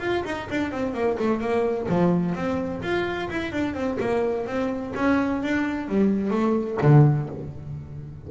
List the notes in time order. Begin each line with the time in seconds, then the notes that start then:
0.00 F4
0.25 D#4
0.50 D4
0.71 C4
0.94 A#3
1.19 A3
1.41 A#3
1.88 F3
2.35 C4
2.82 F4
3.30 E4
3.52 D4
3.74 C4
4.00 A#3
4.47 C4
4.96 C#4
5.42 D4
5.88 G3
6.30 A3
6.82 D3